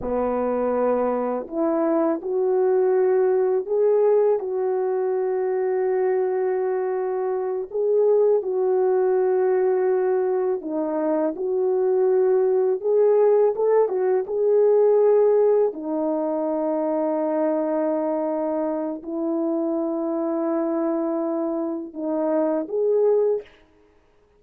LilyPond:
\new Staff \with { instrumentName = "horn" } { \time 4/4 \tempo 4 = 82 b2 e'4 fis'4~ | fis'4 gis'4 fis'2~ | fis'2~ fis'8 gis'4 fis'8~ | fis'2~ fis'8 dis'4 fis'8~ |
fis'4. gis'4 a'8 fis'8 gis'8~ | gis'4. dis'2~ dis'8~ | dis'2 e'2~ | e'2 dis'4 gis'4 | }